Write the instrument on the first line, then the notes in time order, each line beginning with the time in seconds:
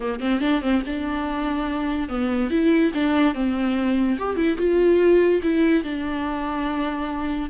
viola
0.00 A#3
0.20 C4
0.40 D4
0.61 C4
0.85 D4
2.08 B3
2.50 E4
2.94 D4
3.34 C4
4.18 G4
4.36 E4
4.57 F4
5.42 E4
5.83 D4